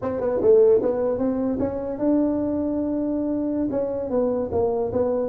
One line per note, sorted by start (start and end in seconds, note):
0.02 0.20 C4
0.20 0.40 B3
0.41 0.81 A3
0.81 1.18 B3
1.18 1.58 C4
1.59 1.98 C#4
1.98 3.68 D4
3.70 4.10 C#4
4.10 4.50 B3
4.51 4.91 A#3
4.92 5.29 B3